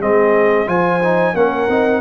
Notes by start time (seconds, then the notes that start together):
0.00 G#3 C4 G#4 D#5
0.66 F3 F4 C5 G#5
1.03 D#4
1.34 A#3 C#4 A#4 F#5
1.68 C4 D#4